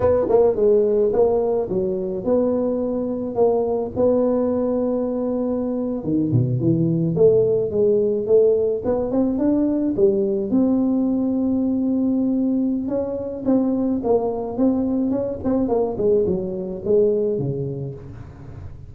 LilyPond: \new Staff \with { instrumentName = "tuba" } { \time 4/4 \tempo 4 = 107 b8 ais8 gis4 ais4 fis4 | b2 ais4 b4~ | b2~ b8. dis8 b,8 e16~ | e8. a4 gis4 a4 b16~ |
b16 c'8 d'4 g4 c'4~ c'16~ | c'2. cis'4 | c'4 ais4 c'4 cis'8 c'8 | ais8 gis8 fis4 gis4 cis4 | }